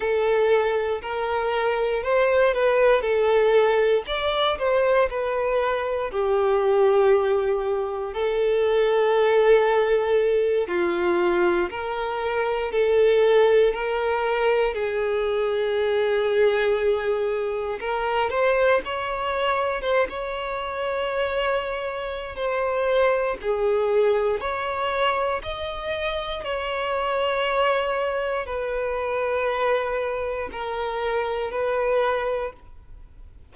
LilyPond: \new Staff \with { instrumentName = "violin" } { \time 4/4 \tempo 4 = 59 a'4 ais'4 c''8 b'8 a'4 | d''8 c''8 b'4 g'2 | a'2~ a'8 f'4 ais'8~ | ais'8 a'4 ais'4 gis'4.~ |
gis'4. ais'8 c''8 cis''4 c''16 cis''16~ | cis''2 c''4 gis'4 | cis''4 dis''4 cis''2 | b'2 ais'4 b'4 | }